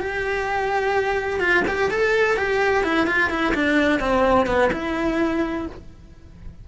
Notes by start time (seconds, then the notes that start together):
0.00 G4
1.40 F4
1.68 G4
1.91 A4
2.37 G4
2.84 E4
3.07 F4
3.30 E4
3.54 D4
4.00 C4
4.46 B3
4.72 E4